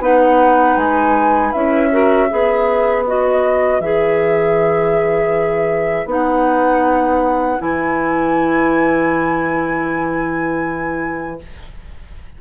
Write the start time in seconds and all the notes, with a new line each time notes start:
0.00 B3 D#4 B4 F#5
0.76 G#3 G#5
1.52 C#4 E4 E5
1.91 F#4 A#4
2.28 B3 G#4 B4
3.07 F#4 D#5
3.80 E3 G#4 E5
6.06 B3 D#4
6.12 F#5
7.59 E3 E4 G#5